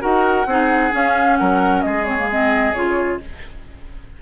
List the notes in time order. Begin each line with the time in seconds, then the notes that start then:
0.00 D#4 F#4 A#4 F#5
0.46 C4 D#4 G#4
0.91 C#4 F5
1.36 F#3 A#4 F#5
1.82 G#3 G#4 D#5
2.04 C4 C#5
2.18 A#3
2.30 C4 D#5
2.73 C#3 F4 C#5